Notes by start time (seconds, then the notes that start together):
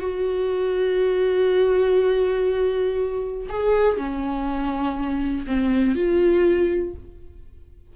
0.00 F#4
3.49 G#4
3.97 C#4
5.47 C4
5.95 F4